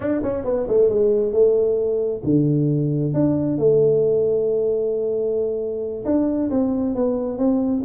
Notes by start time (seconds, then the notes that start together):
0.00 D4
0.22 C#4
0.44 B3
0.67 A3
0.89 G#3
1.32 A3
2.24 D3
3.13 D4
3.58 A3
6.05 D4
6.50 C4
6.95 B3
7.38 C4